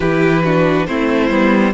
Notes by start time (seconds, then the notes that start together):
0.00 E3 E4 G4 B4
0.43 D4 F#4
0.86 A3 C4 E4 C5
1.29 G3 B3